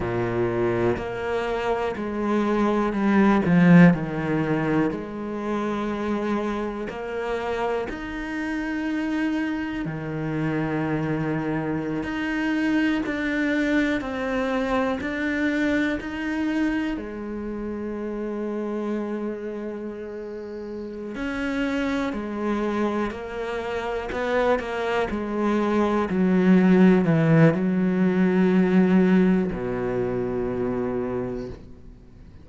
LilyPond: \new Staff \with { instrumentName = "cello" } { \time 4/4 \tempo 4 = 61 ais,4 ais4 gis4 g8 f8 | dis4 gis2 ais4 | dis'2 dis2~ | dis16 dis'4 d'4 c'4 d'8.~ |
d'16 dis'4 gis2~ gis8.~ | gis4. cis'4 gis4 ais8~ | ais8 b8 ais8 gis4 fis4 e8 | fis2 b,2 | }